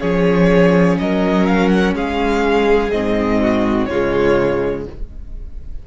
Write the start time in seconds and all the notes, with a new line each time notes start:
0.00 F3 C#4 G#4 C#5
0.98 F#3 A#4 D#5
1.46 F5
1.69 F#5
1.94 G#3 G#4 F5
2.91 G#2 C4 D#5
3.41 F#4
3.85 C#3 G#3 F4 C#5